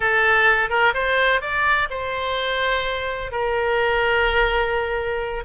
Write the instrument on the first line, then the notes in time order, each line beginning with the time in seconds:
oboe
0.00 A4
0.69 A#4
0.94 C5
1.41 D5
1.90 C5
3.31 A#4